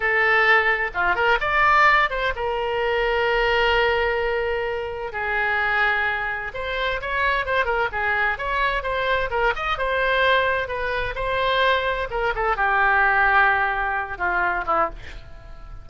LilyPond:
\new Staff \with { instrumentName = "oboe" } { \time 4/4 \tempo 4 = 129 a'2 f'8 ais'8 d''4~ | d''8 c''8 ais'2.~ | ais'2. gis'4~ | gis'2 c''4 cis''4 |
c''8 ais'8 gis'4 cis''4 c''4 | ais'8 dis''8 c''2 b'4 | c''2 ais'8 a'8 g'4~ | g'2~ g'8 f'4 e'8 | }